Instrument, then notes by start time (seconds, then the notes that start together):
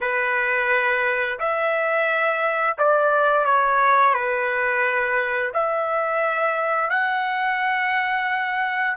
trumpet
0.00 B4
1.39 E5
2.77 D5
3.45 C#5
4.14 B4
5.53 E5
6.90 F#5